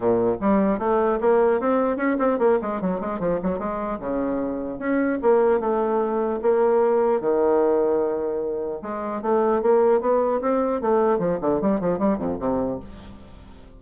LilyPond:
\new Staff \with { instrumentName = "bassoon" } { \time 4/4 \tempo 4 = 150 ais,4 g4 a4 ais4 | c'4 cis'8 c'8 ais8 gis8 fis8 gis8 | f8 fis8 gis4 cis2 | cis'4 ais4 a2 |
ais2 dis2~ | dis2 gis4 a4 | ais4 b4 c'4 a4 | f8 d8 g8 f8 g8 f,8 c4 | }